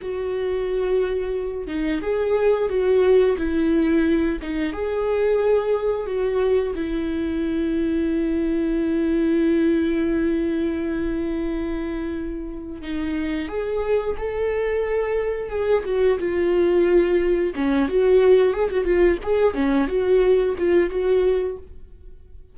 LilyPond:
\new Staff \with { instrumentName = "viola" } { \time 4/4 \tempo 4 = 89 fis'2~ fis'8 dis'8 gis'4 | fis'4 e'4. dis'8 gis'4~ | gis'4 fis'4 e'2~ | e'1~ |
e'2. dis'4 | gis'4 a'2 gis'8 fis'8 | f'2 cis'8 fis'4 gis'16 fis'16 | f'8 gis'8 cis'8 fis'4 f'8 fis'4 | }